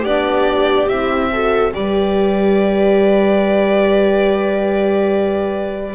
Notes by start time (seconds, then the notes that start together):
0.00 B3 D4 G4 D5
0.87 C4 E4 E5
1.32 F#4 A4
1.72 G3 G4 B4 D5